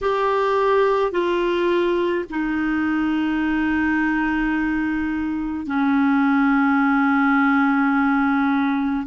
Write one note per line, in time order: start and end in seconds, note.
0.01 1.11 G4
1.11 2.24 F4
2.30 5.66 D#4
5.66 9.06 C#4